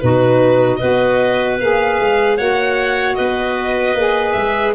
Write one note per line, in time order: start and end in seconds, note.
0.00 0.82 B2
0.00 0.80 D#4
0.00 0.80 F#4
0.00 0.76 B4
0.76 1.59 F#4
0.76 2.38 B4
0.76 1.55 D#5
0.82 1.61 B3
1.60 2.00 A#3
1.60 2.39 G#4
1.60 2.37 F5
2.00 2.39 G#3
2.37 3.18 A#3
2.37 3.97 F#4
2.37 3.17 C#5
2.37 3.15 F#5
3.15 3.95 B3
3.15 4.75 B4
3.15 4.32 D#5
3.95 4.34 A#3
3.95 4.75 G#4
4.32 4.75 G#3
4.32 4.72 E5